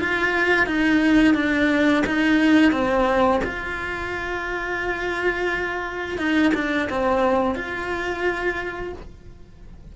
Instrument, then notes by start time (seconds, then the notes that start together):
cello
0.00 F4
0.66 D#4
1.35 D4
2.07 D#4
2.72 C4
3.44 F4
6.18 D#4
6.55 D4
6.90 C4
7.55 F4